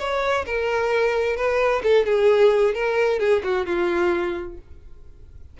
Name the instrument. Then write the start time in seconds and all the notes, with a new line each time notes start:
violin
0.00 C#5
0.46 A#4
1.37 B4
1.84 A4
2.06 G#4
2.75 A#4
3.20 G#4
3.44 F#4
3.66 F4